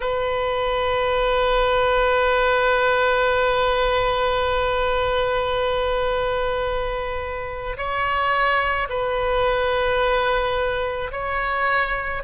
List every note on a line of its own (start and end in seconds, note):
0.00 7.76 B4
7.77 8.88 C#5
8.89 11.11 B4
11.11 12.22 C#5